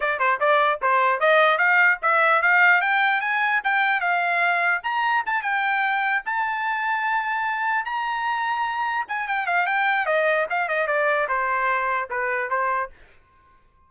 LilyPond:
\new Staff \with { instrumentName = "trumpet" } { \time 4/4 \tempo 4 = 149 d''8 c''8 d''4 c''4 dis''4 | f''4 e''4 f''4 g''4 | gis''4 g''4 f''2 | ais''4 a''8 g''2 a''8~ |
a''2.~ a''8 ais''8~ | ais''2~ ais''8 gis''8 g''8 f''8 | g''4 dis''4 f''8 dis''8 d''4 | c''2 b'4 c''4 | }